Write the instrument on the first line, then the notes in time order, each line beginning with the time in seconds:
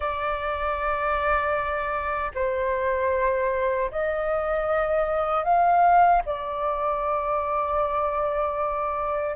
flute
0.00 D5
2.34 C5
3.91 D#5
5.44 F5
6.25 D5